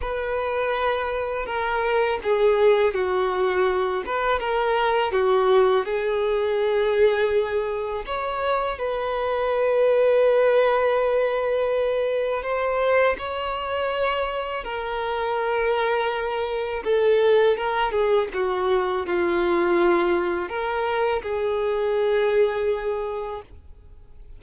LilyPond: \new Staff \with { instrumentName = "violin" } { \time 4/4 \tempo 4 = 82 b'2 ais'4 gis'4 | fis'4. b'8 ais'4 fis'4 | gis'2. cis''4 | b'1~ |
b'4 c''4 cis''2 | ais'2. a'4 | ais'8 gis'8 fis'4 f'2 | ais'4 gis'2. | }